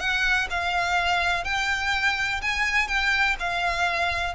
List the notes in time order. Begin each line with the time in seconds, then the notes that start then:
0.00 F#5
0.51 F5
1.45 G5
2.42 G#5
2.88 G5
3.40 F5